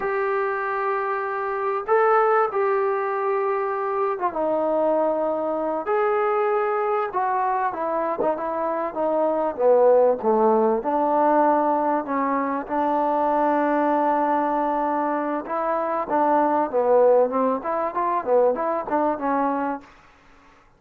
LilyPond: \new Staff \with { instrumentName = "trombone" } { \time 4/4 \tempo 4 = 97 g'2. a'4 | g'2~ g'8. f'16 dis'4~ | dis'4. gis'2 fis'8~ | fis'8 e'8. dis'16 e'4 dis'4 b8~ |
b8 a4 d'2 cis'8~ | cis'8 d'2.~ d'8~ | d'4 e'4 d'4 b4 | c'8 e'8 f'8 b8 e'8 d'8 cis'4 | }